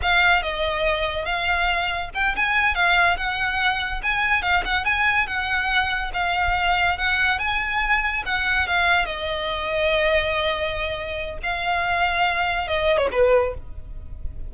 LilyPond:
\new Staff \with { instrumentName = "violin" } { \time 4/4 \tempo 4 = 142 f''4 dis''2 f''4~ | f''4 g''8 gis''4 f''4 fis''8~ | fis''4. gis''4 f''8 fis''8 gis''8~ | gis''8 fis''2 f''4.~ |
f''8 fis''4 gis''2 fis''8~ | fis''8 f''4 dis''2~ dis''8~ | dis''2. f''4~ | f''2 dis''8. cis''16 b'4 | }